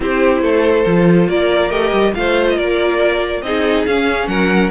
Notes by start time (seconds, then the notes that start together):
0.00 C4 E4 G4 C5
0.41 A3 A4
0.85 F3 F4
1.28 A#3 A#4 D5
1.70 A3 G4 D#5
1.93 G3
2.14 A3 F4 C5 F5
2.49 D#5
2.56 A#3 A#4 D5
3.42 C4 D#4 G#4 D#5
3.86 C#4 F5
4.27 F#3 A#4 F#5